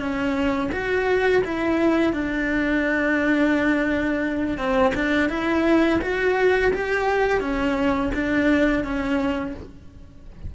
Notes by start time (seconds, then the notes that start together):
0.00 C#4
0.73 F#4
1.45 E4
2.13 D4
4.58 C4
4.95 D4
5.30 E4
6.02 F#4
6.74 G4
7.41 C#4
8.14 D4
8.84 C#4